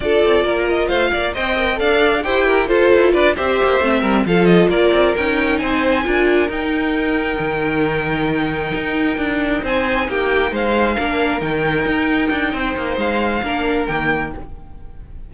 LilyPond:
<<
  \new Staff \with { instrumentName = "violin" } { \time 4/4 \tempo 4 = 134 d''4. dis''8 f''4 g''4 | f''4 g''4 c''4 d''8 e''8~ | e''4. f''8 dis''8 d''4 g''8~ | g''8 gis''2 g''4.~ |
g''1~ | g''4. gis''4 g''4 f''8~ | f''4. g''2~ g''8~ | g''4 f''2 g''4 | }
  \new Staff \with { instrumentName = "violin" } { \time 4/4 a'4 ais'4 c''8 d''8 dis''4 | d''4 c''8 ais'8 a'4 b'8 c''8~ | c''4 ais'8 a'4 ais'4.~ | ais'8 c''4 ais'2~ ais'8~ |
ais'1~ | ais'4. c''4 g'4 c''8~ | c''8 ais'2.~ ais'8 | c''2 ais'2 | }
  \new Staff \with { instrumentName = "viola" } { \time 4/4 f'2. c''8 ais'8 | a'4 g'4 f'4. g'8~ | g'8 c'4 f'2 dis'8~ | dis'4. f'4 dis'4.~ |
dis'1~ | dis'1~ | dis'8 d'4 dis'2~ dis'8~ | dis'2 d'4 ais4 | }
  \new Staff \with { instrumentName = "cello" } { \time 4/4 d'8 c'8 ais4 a8 ais8 c'4 | d'4 e'4 f'8 e'8 d'8 c'8 | ais8 a8 g8 f4 ais8 c'8 cis'8~ | cis'8 c'4 d'4 dis'4.~ |
dis'8 dis2. dis'8~ | dis'8 d'4 c'4 ais4 gis8~ | gis8 ais4 dis4 dis'4 d'8 | c'8 ais8 gis4 ais4 dis4 | }
>>